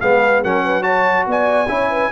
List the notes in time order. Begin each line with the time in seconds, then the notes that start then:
0.00 G#3 B3 G#4 F5
0.42 F#3 C#4 A#4 F#5
0.64 B4
0.82 F#4 C#5 A5
1.27 B3 D5 G#5
1.68 C#4 E4 C#5
1.90 B4